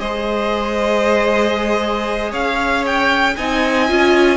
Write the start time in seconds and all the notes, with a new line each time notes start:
0.00 G#3 G#4 C5 D#5
2.31 C#4 C#5 F5
2.86 G5
3.37 C4 D#4 D#5 G#5
3.89 C#4 F4